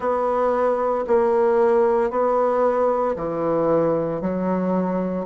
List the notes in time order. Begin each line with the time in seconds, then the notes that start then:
0.00 B3
1.07 A#3
2.10 B3
3.16 E3
4.21 F#3